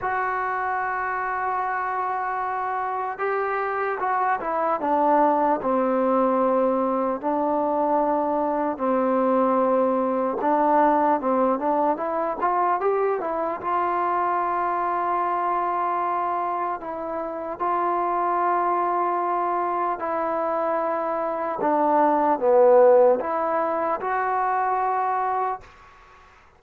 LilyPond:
\new Staff \with { instrumentName = "trombone" } { \time 4/4 \tempo 4 = 75 fis'1 | g'4 fis'8 e'8 d'4 c'4~ | c'4 d'2 c'4~ | c'4 d'4 c'8 d'8 e'8 f'8 |
g'8 e'8 f'2.~ | f'4 e'4 f'2~ | f'4 e'2 d'4 | b4 e'4 fis'2 | }